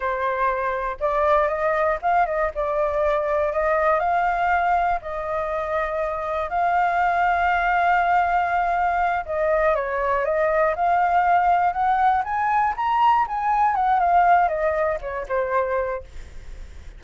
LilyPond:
\new Staff \with { instrumentName = "flute" } { \time 4/4 \tempo 4 = 120 c''2 d''4 dis''4 | f''8 dis''8 d''2 dis''4 | f''2 dis''2~ | dis''4 f''2.~ |
f''2~ f''8 dis''4 cis''8~ | cis''8 dis''4 f''2 fis''8~ | fis''8 gis''4 ais''4 gis''4 fis''8 | f''4 dis''4 cis''8 c''4. | }